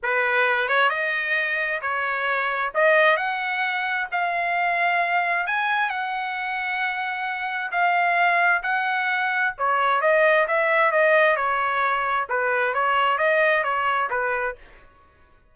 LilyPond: \new Staff \with { instrumentName = "trumpet" } { \time 4/4 \tempo 4 = 132 b'4. cis''8 dis''2 | cis''2 dis''4 fis''4~ | fis''4 f''2. | gis''4 fis''2.~ |
fis''4 f''2 fis''4~ | fis''4 cis''4 dis''4 e''4 | dis''4 cis''2 b'4 | cis''4 dis''4 cis''4 b'4 | }